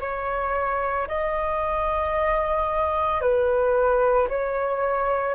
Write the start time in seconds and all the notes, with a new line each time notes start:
0.00 C#5
1.08 D#5
3.20 B4
4.28 C#5